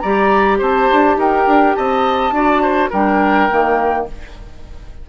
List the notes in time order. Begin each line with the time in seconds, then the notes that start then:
0.00 G3 G4 D5 A#5
0.59 C4 C5 A5
0.92 D4
1.17 D#4 A#4 G5
1.47 D4
1.76 C4 D#5 A5
2.32 D4 F#4 D5
2.62 C5
2.90 G3 D4 A#4 G5
3.50 D#3 A#3